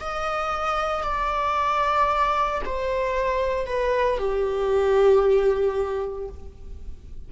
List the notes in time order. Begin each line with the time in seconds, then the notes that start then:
0.00 D#5
1.03 D5
2.65 C5
3.66 B4
4.18 G4